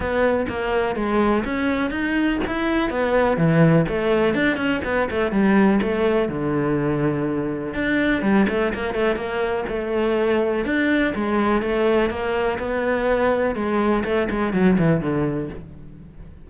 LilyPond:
\new Staff \with { instrumentName = "cello" } { \time 4/4 \tempo 4 = 124 b4 ais4 gis4 cis'4 | dis'4 e'4 b4 e4 | a4 d'8 cis'8 b8 a8 g4 | a4 d2. |
d'4 g8 a8 ais8 a8 ais4 | a2 d'4 gis4 | a4 ais4 b2 | gis4 a8 gis8 fis8 e8 d4 | }